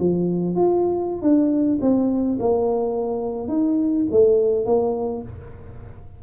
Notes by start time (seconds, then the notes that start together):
0.00 F3
0.56 F4
1.22 D4
1.82 C4
2.40 A#3
3.48 D#4
4.12 A3
4.66 A#3